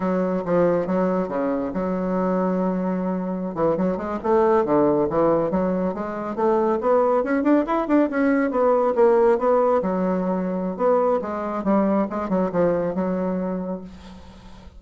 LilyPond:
\new Staff \with { instrumentName = "bassoon" } { \time 4/4 \tempo 4 = 139 fis4 f4 fis4 cis4 | fis1~ | fis16 e8 fis8 gis8 a4 d4 e16~ | e8. fis4 gis4 a4 b16~ |
b8. cis'8 d'8 e'8 d'8 cis'4 b16~ | b8. ais4 b4 fis4~ fis16~ | fis4 b4 gis4 g4 | gis8 fis8 f4 fis2 | }